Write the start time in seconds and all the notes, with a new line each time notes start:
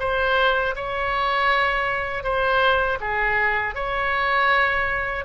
0.00 C5
0.76 C#5
2.24 C5
3.01 G#4
3.75 C#5